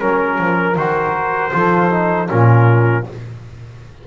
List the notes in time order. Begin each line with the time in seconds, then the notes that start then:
0.00 F#3 C#4 A#4
0.38 F3
0.76 D#3 F#4 C5
1.52 F3 F4 A4
1.90 D#4
2.28 A#2 C#4 F4 A#4